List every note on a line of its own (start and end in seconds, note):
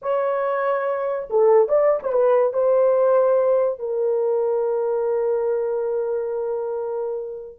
0.02 1.28 C#5
1.30 1.68 A4
1.68 2.00 D5
2.02 2.12 C5
2.12 2.53 B4
2.53 3.79 C5
3.79 7.59 A#4